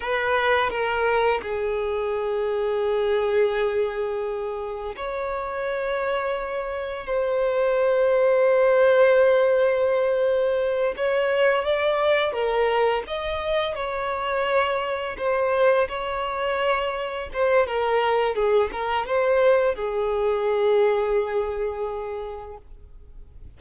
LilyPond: \new Staff \with { instrumentName = "violin" } { \time 4/4 \tempo 4 = 85 b'4 ais'4 gis'2~ | gis'2. cis''4~ | cis''2 c''2~ | c''2.~ c''8 cis''8~ |
cis''8 d''4 ais'4 dis''4 cis''8~ | cis''4. c''4 cis''4.~ | cis''8 c''8 ais'4 gis'8 ais'8 c''4 | gis'1 | }